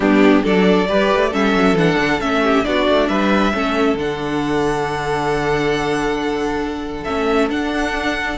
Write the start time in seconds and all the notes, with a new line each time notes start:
0.00 G3 B3 D4 G4
0.42 F#3 D4 A4 D5
0.88 G3 G4 B4
1.14 A3
1.30 G3 C#4 A4 E5
1.55 F#3
1.74 E3 D4 F#5
1.98 D3
2.20 A3 C#4 E5
2.43 G4
2.64 B3 D4 F#4 D5
2.88 A3
3.08 G3 B4 E5
3.52 A3 C#4 A4
3.94 D3 D4 F#5
7.03 A3 C#4 E5
7.49 D4 F#5